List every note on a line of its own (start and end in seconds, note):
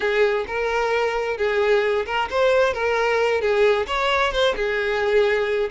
0.00 0.45 G#4
0.47 1.37 A#4
1.37 2.05 G#4
2.06 2.29 A#4
2.30 2.73 C5
2.73 3.41 A#4
3.41 3.86 G#4
3.86 4.32 C#5
4.32 4.55 C5
4.56 5.69 G#4